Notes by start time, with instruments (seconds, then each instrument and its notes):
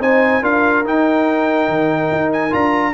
0.00 tuba C4, trombone D#4, horn C5, trumpet G#5
0.42 tuba D4, trombone F4, horn A#4, trumpet F5
0.85 tuba D#4, trombone D#4, trumpet G5
1.69 tuba D#3
2.12 tuba D#4
2.33 trumpet G#5
2.51 tuba D4, trombone F4, trumpet A#5